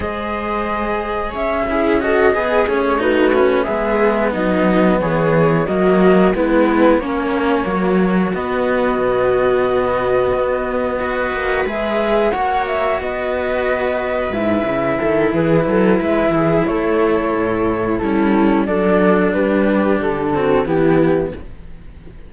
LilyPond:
<<
  \new Staff \with { instrumentName = "flute" } { \time 4/4 \tempo 4 = 90 dis''2 e''4 dis''4 | cis''8 b'4 e''4 dis''4 cis''8~ | cis''8 dis''4 b'4 cis''4.~ | cis''8 dis''2.~ dis''8~ |
dis''4. e''4 fis''8 e''8 dis''8~ | dis''4. e''4. b'4 | e''4 cis''2 a'4 | d''4 b'4 a'4 g'4 | }
  \new Staff \with { instrumentName = "viola" } { \time 4/4 c''2 cis''8 gis'8 a'8 gis'8~ | gis'8 fis'4 gis'4 dis'4 gis'8~ | gis'8 fis'4 e'4 cis'4 fis'8~ | fis'1~ |
fis'8 b'2 cis''4 b'8~ | b'2~ b'8 a'8 gis'8 a'8 | b'8 gis'8 a'2 e'4 | a'4 g'4. fis'8 e'4 | }
  \new Staff \with { instrumentName = "cello" } { \time 4/4 gis'2~ gis'8 e'8 fis'8 gis'8 | cis'8 dis'8 cis'8 b2~ b8~ | b8 ais4 b4 ais4.~ | ais8 b2.~ b8~ |
b8 fis'4 gis'4 fis'4.~ | fis'4. e'2~ e'8~ | e'2. cis'4 | d'2~ d'8 c'8 b4 | }
  \new Staff \with { instrumentName = "cello" } { \time 4/4 gis2 cis'4. b8 | a4. gis4 fis4 e8~ | e8 fis4 gis4 ais4 fis8~ | fis8 b4 b,2 b8~ |
b4 ais8 gis4 ais4 b8~ | b4. gis,8 cis8 dis8 e8 fis8 | gis8 e8 a4 a,4 g4 | fis4 g4 d4 e4 | }
>>